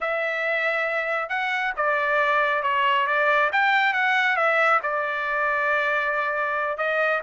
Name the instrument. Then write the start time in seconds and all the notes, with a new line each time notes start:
trumpet
0.00 E5
1.29 F#5
1.76 D5
2.62 C#5
3.06 D5
3.52 G5
3.93 F#5
4.36 E5
4.83 D5
6.77 D#5